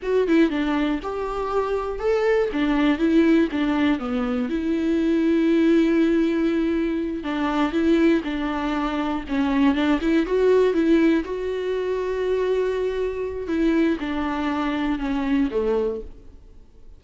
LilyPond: \new Staff \with { instrumentName = "viola" } { \time 4/4 \tempo 4 = 120 fis'8 e'8 d'4 g'2 | a'4 d'4 e'4 d'4 | b4 e'2.~ | e'2~ e'8 d'4 e'8~ |
e'8 d'2 cis'4 d'8 | e'8 fis'4 e'4 fis'4.~ | fis'2. e'4 | d'2 cis'4 a4 | }